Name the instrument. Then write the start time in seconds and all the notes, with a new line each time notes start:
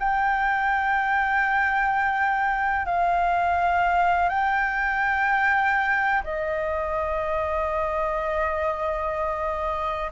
flute
0.00 G5
2.86 F5
4.30 G5
6.24 D#5